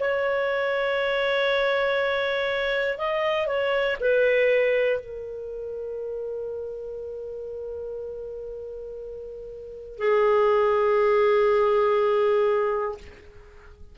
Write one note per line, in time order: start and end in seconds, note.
0.00 2.97 C#5
2.97 3.46 D#5
3.46 3.96 C#5
4.00 5.00 B4
5.00 9.97 A#4
9.97 12.97 G#4